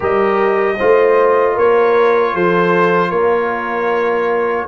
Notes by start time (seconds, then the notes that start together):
0.00 G3 G4 A#4 D#5
0.77 A3 F4 C5
1.53 A#3 A#4 C#5
2.34 F3 A4 C5
3.10 A#3 A#4 C#5